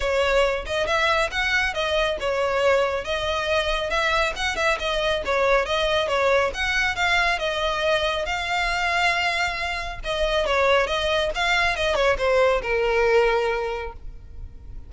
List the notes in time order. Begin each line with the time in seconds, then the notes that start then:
0.00 C#5
0.66 D#5
0.86 E5
1.31 F#5
1.74 D#5
2.20 C#5
3.04 D#5
3.89 E5
4.36 F#5
4.56 E5
4.79 D#5
5.25 C#5
5.65 D#5
6.08 C#5
6.54 F#5
6.95 F5
7.39 D#5
8.25 F5
10.03 D#5
10.46 C#5
10.87 D#5
11.34 F5
11.76 D#5
11.95 C#5
12.18 C5
12.62 A#4